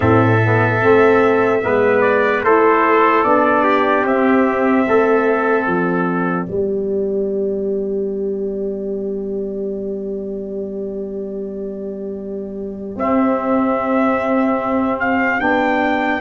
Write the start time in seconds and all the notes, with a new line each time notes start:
0.00 A2 C4 A4 E5
0.44 B3
0.81 A3 C4
1.62 G#3 B3 B4
2.01 D5
2.42 A3 E4 A4 C5
3.23 B3 D4 D5
3.63 G4
4.04 C4 E5
4.87 A3 A4
5.66 F3 D5
6.45 G3 B3 G4
12.95 C4 E5
14.99 F5
15.39 B3 D4 G5